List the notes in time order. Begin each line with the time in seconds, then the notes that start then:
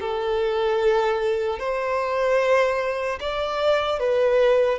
0.00 A4
1.59 C5
3.20 D5
3.99 B4